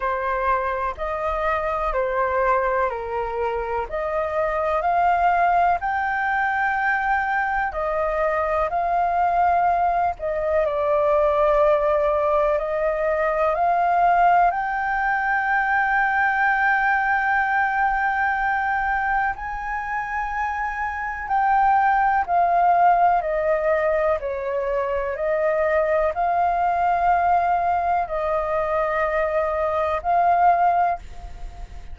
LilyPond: \new Staff \with { instrumentName = "flute" } { \time 4/4 \tempo 4 = 62 c''4 dis''4 c''4 ais'4 | dis''4 f''4 g''2 | dis''4 f''4. dis''8 d''4~ | d''4 dis''4 f''4 g''4~ |
g''1 | gis''2 g''4 f''4 | dis''4 cis''4 dis''4 f''4~ | f''4 dis''2 f''4 | }